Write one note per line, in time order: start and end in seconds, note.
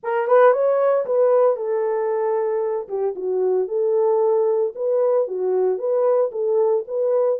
0.03 0.27 A#4
0.27 0.52 B4
0.52 1.05 C#5
1.05 1.56 B4
1.56 2.88 A4
2.88 3.14 G4
3.15 3.68 F#4
3.68 4.73 A4
4.75 5.27 B4
5.27 5.78 F#4
5.78 6.30 B4
6.31 6.84 A4
6.87 7.39 B4